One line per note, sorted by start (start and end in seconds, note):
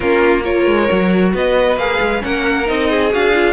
0.00 0.66 A#3
0.00 0.42 C#4
0.00 0.43 F4
0.00 0.42 A#4
0.43 0.88 F4
0.43 1.32 A#4
0.43 1.32 C#5
0.66 0.88 G#3
0.89 1.34 F#3
0.89 1.77 F#4
1.34 1.76 B3
1.34 2.23 B4
1.34 1.78 D#5
1.76 1.99 A#3
1.76 2.19 G#4
1.76 2.22 F5
2.00 2.22 G#3
2.19 2.69 A#3
2.19 2.64 C#4
2.19 2.90 A#4
2.19 2.68 F#5
2.65 3.13 C4
2.65 3.10 D#4
2.65 3.12 D#5
2.90 3.53 G#4
3.10 3.53 D4
3.10 3.32 F#4
3.10 3.53 F5
3.34 3.53 F4